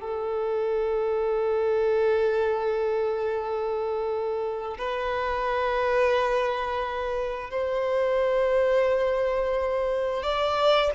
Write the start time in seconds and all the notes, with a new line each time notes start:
0.00 A4
4.78 B4
7.50 C5
10.23 D5